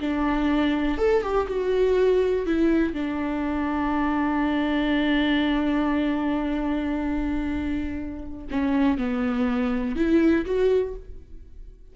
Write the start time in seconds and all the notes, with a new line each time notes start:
0.00 D4
0.98 A4
1.22 G4
1.48 F#4
2.46 E4
2.94 D4
8.51 C#4
8.98 B3
9.96 E4
10.45 F#4